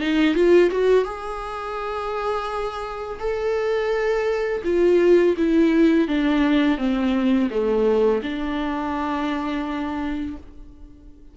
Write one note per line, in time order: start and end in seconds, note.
0.00 0.35 D#4
0.35 0.70 F4
0.70 1.05 F#4
1.05 3.19 G#4
3.19 4.62 A4
4.64 5.36 F4
5.37 6.08 E4
6.08 6.78 D4
6.78 7.49 C4
7.50 8.21 A3
8.22 10.37 D4